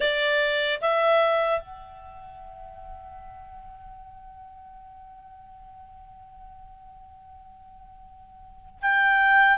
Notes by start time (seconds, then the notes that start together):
0.00 D5
0.81 E5
1.60 F#5
8.81 G5